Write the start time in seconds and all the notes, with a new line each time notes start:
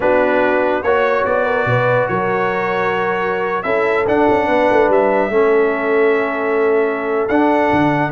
0.00 B3 D4 F#4 B4
0.82 A#3 F#4 C#5
1.25 B3 D5
1.45 A#4
1.65 B2 B4
2.07 F#3 A#4 C#5
3.63 C#4 E4 A4 E5
4.07 D4 F#5
4.29 C#4
4.47 B3 B4
4.70 A3
4.88 G3 E5
5.29 A3 C#4 A4
7.28 D4 F#5
7.72 D3